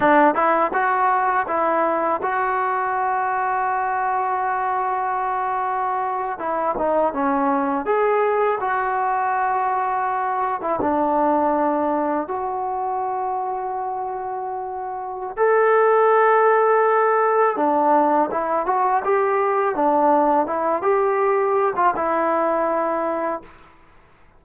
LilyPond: \new Staff \with { instrumentName = "trombone" } { \time 4/4 \tempo 4 = 82 d'8 e'8 fis'4 e'4 fis'4~ | fis'1~ | fis'8. e'8 dis'8 cis'4 gis'4 fis'16~ | fis'2~ fis'8 e'16 d'4~ d'16~ |
d'8. fis'2.~ fis'16~ | fis'4 a'2. | d'4 e'8 fis'8 g'4 d'4 | e'8 g'4~ g'16 f'16 e'2 | }